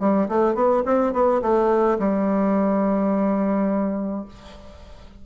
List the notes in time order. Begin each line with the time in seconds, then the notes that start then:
0.00 G3
0.29 A3
0.55 B3
0.85 C4
1.13 B3
1.42 A3
1.99 G3